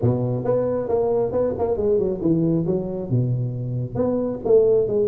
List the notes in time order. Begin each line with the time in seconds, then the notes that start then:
0.01 B2
0.44 B3
0.88 A#3
1.32 B3
1.58 A#3
1.76 G#3
1.99 F#3
2.21 E3
2.66 F#3
3.10 B2
3.95 B3
4.44 A3
4.87 G#3